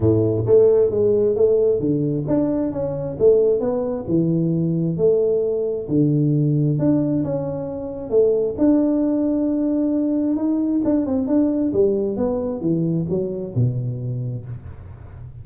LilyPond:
\new Staff \with { instrumentName = "tuba" } { \time 4/4 \tempo 4 = 133 a,4 a4 gis4 a4 | d4 d'4 cis'4 a4 | b4 e2 a4~ | a4 d2 d'4 |
cis'2 a4 d'4~ | d'2. dis'4 | d'8 c'8 d'4 g4 b4 | e4 fis4 b,2 | }